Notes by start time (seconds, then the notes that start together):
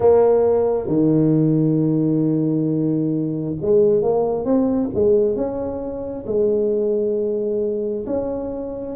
0.00 A#3
0.87 D#3
3.61 G#3
4.01 A#3
4.44 C4
4.94 G#3
5.35 C#4
6.26 G#3
8.06 C#4